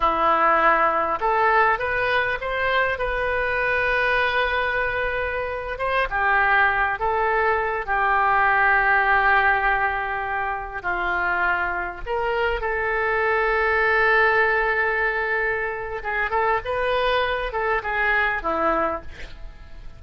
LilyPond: \new Staff \with { instrumentName = "oboe" } { \time 4/4 \tempo 4 = 101 e'2 a'4 b'4 | c''4 b'2.~ | b'4.~ b'16 c''8 g'4. a'16~ | a'4~ a'16 g'2~ g'8.~ |
g'2~ g'16 f'4.~ f'16~ | f'16 ais'4 a'2~ a'8.~ | a'2. gis'8 a'8 | b'4. a'8 gis'4 e'4 | }